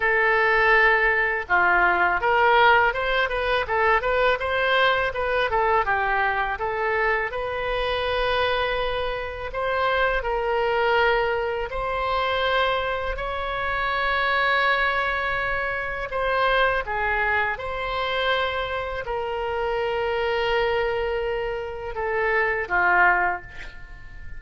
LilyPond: \new Staff \with { instrumentName = "oboe" } { \time 4/4 \tempo 4 = 82 a'2 f'4 ais'4 | c''8 b'8 a'8 b'8 c''4 b'8 a'8 | g'4 a'4 b'2~ | b'4 c''4 ais'2 |
c''2 cis''2~ | cis''2 c''4 gis'4 | c''2 ais'2~ | ais'2 a'4 f'4 | }